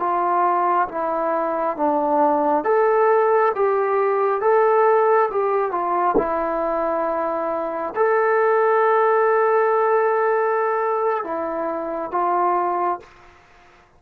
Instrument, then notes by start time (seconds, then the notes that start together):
trombone
0.00 F4
0.89 E4
1.77 D4
2.65 A4
3.56 G4
4.42 A4
5.31 G4
5.72 F4
6.18 E4
7.96 A4
11.24 E4
12.12 F4